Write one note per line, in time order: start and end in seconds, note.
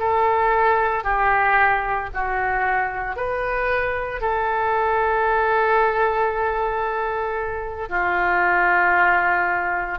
0.00 1.04 A4
1.04 2.10 G4
2.14 3.16 F#4
3.16 4.22 B4
4.22 7.89 A4
7.89 9.99 F4